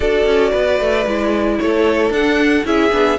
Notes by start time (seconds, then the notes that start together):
0.00 D4 F#4 A4 D5
0.26 C#4
0.51 B3 B4
0.79 A3
1.05 G#3 E4
1.59 A3 A4 C#5
2.10 D4 F#5
2.64 C#4 E4 G#4 E5
2.91 B3 D4